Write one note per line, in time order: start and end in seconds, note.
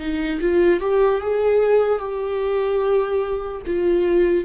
0.00 0.41 D#4
0.41 0.81 F4
0.81 1.21 G4
1.21 1.99 G#4
1.99 3.62 G4
3.67 4.45 F4